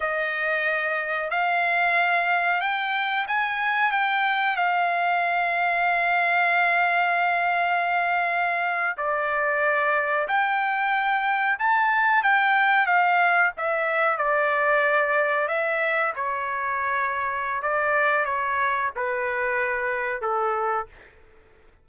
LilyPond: \new Staff \with { instrumentName = "trumpet" } { \time 4/4 \tempo 4 = 92 dis''2 f''2 | g''4 gis''4 g''4 f''4~ | f''1~ | f''4.~ f''16 d''2 g''16~ |
g''4.~ g''16 a''4 g''4 f''16~ | f''8. e''4 d''2 e''16~ | e''8. cis''2~ cis''16 d''4 | cis''4 b'2 a'4 | }